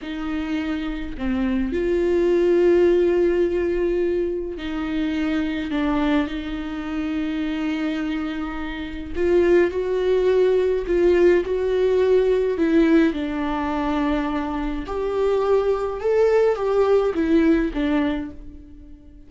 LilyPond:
\new Staff \with { instrumentName = "viola" } { \time 4/4 \tempo 4 = 105 dis'2 c'4 f'4~ | f'1 | dis'2 d'4 dis'4~ | dis'1 |
f'4 fis'2 f'4 | fis'2 e'4 d'4~ | d'2 g'2 | a'4 g'4 e'4 d'4 | }